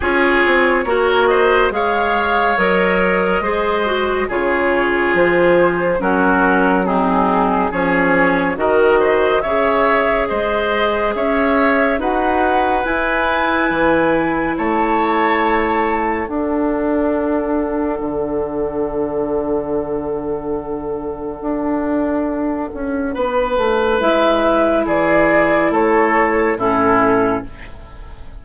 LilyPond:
<<
  \new Staff \with { instrumentName = "flute" } { \time 4/4 \tempo 4 = 70 cis''4. dis''8 f''4 dis''4~ | dis''4 cis''4 c''4 ais'4 | gis'4 cis''4 dis''4 e''4 | dis''4 e''4 fis''4 gis''4~ |
gis''4 a''2 fis''4~ | fis''1~ | fis''1 | e''4 d''4 cis''4 a'4 | }
  \new Staff \with { instrumentName = "oboe" } { \time 4/4 gis'4 ais'8 c''8 cis''2 | c''4 gis'2 fis'4 | dis'4 gis'4 ais'8 c''8 cis''4 | c''4 cis''4 b'2~ |
b'4 cis''2 a'4~ | a'1~ | a'2. b'4~ | b'4 gis'4 a'4 e'4 | }
  \new Staff \with { instrumentName = "clarinet" } { \time 4/4 f'4 fis'4 gis'4 ais'4 | gis'8 fis'8 f'2 cis'4 | c'4 cis'4 fis'4 gis'4~ | gis'2 fis'4 e'4~ |
e'2. d'4~ | d'1~ | d'1 | e'2. cis'4 | }
  \new Staff \with { instrumentName = "bassoon" } { \time 4/4 cis'8 c'8 ais4 gis4 fis4 | gis4 cis4 f4 fis4~ | fis4 f4 dis4 cis4 | gis4 cis'4 dis'4 e'4 |
e4 a2 d'4~ | d'4 d2.~ | d4 d'4. cis'8 b8 a8 | gis4 e4 a4 a,4 | }
>>